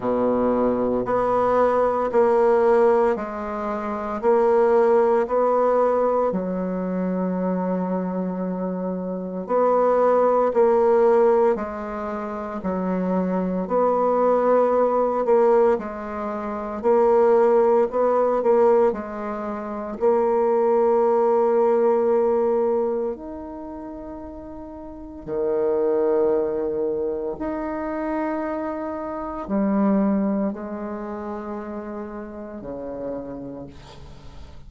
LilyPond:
\new Staff \with { instrumentName = "bassoon" } { \time 4/4 \tempo 4 = 57 b,4 b4 ais4 gis4 | ais4 b4 fis2~ | fis4 b4 ais4 gis4 | fis4 b4. ais8 gis4 |
ais4 b8 ais8 gis4 ais4~ | ais2 dis'2 | dis2 dis'2 | g4 gis2 cis4 | }